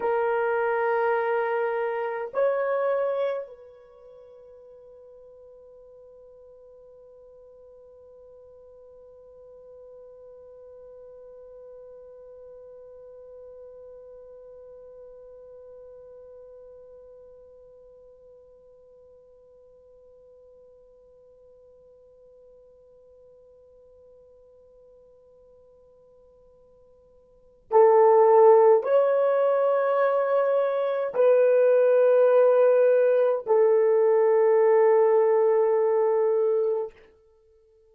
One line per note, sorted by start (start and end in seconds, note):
0.00 2.31 A#4
2.33 3.47 C#5
3.47 27.70 B4
27.70 28.83 A4
28.83 31.13 C#5
31.14 33.45 B4
33.46 36.92 A4